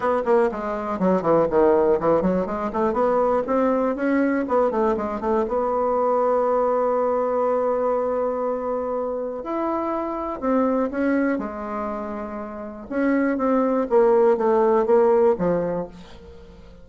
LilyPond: \new Staff \with { instrumentName = "bassoon" } { \time 4/4 \tempo 4 = 121 b8 ais8 gis4 fis8 e8 dis4 | e8 fis8 gis8 a8 b4 c'4 | cis'4 b8 a8 gis8 a8 b4~ | b1~ |
b2. e'4~ | e'4 c'4 cis'4 gis4~ | gis2 cis'4 c'4 | ais4 a4 ais4 f4 | }